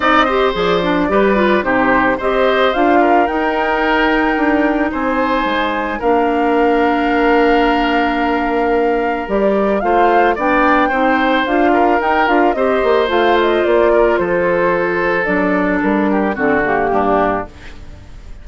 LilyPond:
<<
  \new Staff \with { instrumentName = "flute" } { \time 4/4 \tempo 4 = 110 dis''4 d''2 c''4 | dis''4 f''4 g''2~ | g''4 gis''2 f''4~ | f''1~ |
f''4 d''4 f''4 g''4~ | g''4 f''4 g''8 f''8 dis''4 | f''8 dis''8 d''4 c''2 | d''4 ais'4 a'8 g'4. | }
  \new Staff \with { instrumentName = "oboe" } { \time 4/4 d''8 c''4. b'4 g'4 | c''4. ais'2~ ais'8~ | ais'4 c''2 ais'4~ | ais'1~ |
ais'2 c''4 d''4 | c''4. ais'4. c''4~ | c''4. ais'8 a'2~ | a'4. g'8 fis'4 d'4 | }
  \new Staff \with { instrumentName = "clarinet" } { \time 4/4 dis'8 g'8 gis'8 d'8 g'8 f'8 dis'4 | g'4 f'4 dis'2~ | dis'2. d'4~ | d'1~ |
d'4 g'4 f'4 d'4 | dis'4 f'4 dis'8 f'8 g'4 | f'1 | d'2 c'8 ais4. | }
  \new Staff \with { instrumentName = "bassoon" } { \time 4/4 c'4 f4 g4 c4 | c'4 d'4 dis'2 | d'4 c'4 gis4 ais4~ | ais1~ |
ais4 g4 a4 b4 | c'4 d'4 dis'8 d'8 c'8 ais8 | a4 ais4 f2 | fis4 g4 d4 g,4 | }
>>